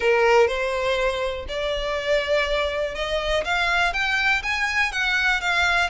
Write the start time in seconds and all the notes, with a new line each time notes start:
0.00 A#4
0.47 C5
1.48 D5
2.95 D#5
3.44 F5
3.93 G5
4.43 G#5
4.92 F#5
5.41 F5